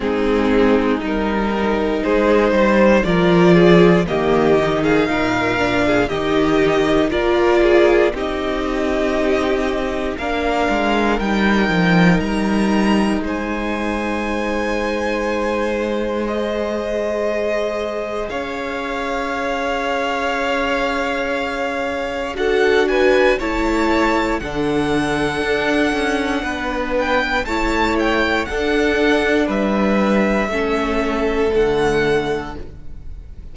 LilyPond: <<
  \new Staff \with { instrumentName = "violin" } { \time 4/4 \tempo 4 = 59 gis'4 ais'4 c''4 d''4 | dis''8. f''4~ f''16 dis''4 d''4 | dis''2 f''4 g''4 | ais''4 gis''2. |
dis''2 f''2~ | f''2 fis''8 gis''8 a''4 | fis''2~ fis''8 g''8 a''8 g''8 | fis''4 e''2 fis''4 | }
  \new Staff \with { instrumentName = "violin" } { \time 4/4 dis'2 gis'8 c''8 ais'8 gis'8 | g'8. gis'16 ais'8. gis'16 g'4 ais'8 gis'8 | g'2 ais'2~ | ais'4 c''2.~ |
c''2 cis''2~ | cis''2 a'8 b'8 cis''4 | a'2 b'4 cis''4 | a'4 b'4 a'2 | }
  \new Staff \with { instrumentName = "viola" } { \time 4/4 c'4 dis'2 f'4 | ais8 dis'4 d'8 dis'4 f'4 | dis'2 d'4 dis'4~ | dis'1 |
gis'1~ | gis'2 fis'4 e'4 | d'2. e'4 | d'2 cis'4 a4 | }
  \new Staff \with { instrumentName = "cello" } { \time 4/4 gis4 g4 gis8 g8 f4 | dis4 ais,4 dis4 ais4 | c'2 ais8 gis8 g8 f8 | g4 gis2.~ |
gis2 cis'2~ | cis'2 d'4 a4 | d4 d'8 cis'8 b4 a4 | d'4 g4 a4 d4 | }
>>